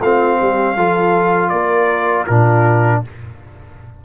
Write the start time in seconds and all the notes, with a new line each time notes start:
0.00 A3 C4 F4 F5
0.40 G3 G4
0.76 F3 F4 A4
1.49 A#3 A#4 D5
2.25 A#2 D4 F4 A#4